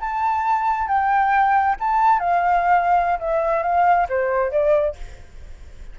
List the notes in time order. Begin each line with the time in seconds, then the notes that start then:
0.00 A5
0.87 G5
1.79 A5
2.19 F5
3.19 E5
3.62 F5
4.09 C5
4.51 D5